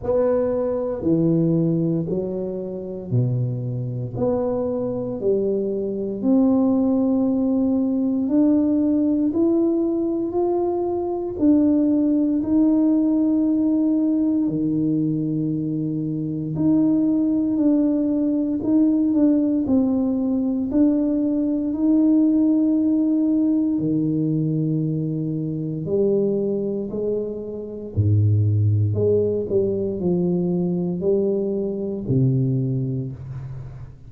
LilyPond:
\new Staff \with { instrumentName = "tuba" } { \time 4/4 \tempo 4 = 58 b4 e4 fis4 b,4 | b4 g4 c'2 | d'4 e'4 f'4 d'4 | dis'2 dis2 |
dis'4 d'4 dis'8 d'8 c'4 | d'4 dis'2 dis4~ | dis4 g4 gis4 gis,4 | gis8 g8 f4 g4 c4 | }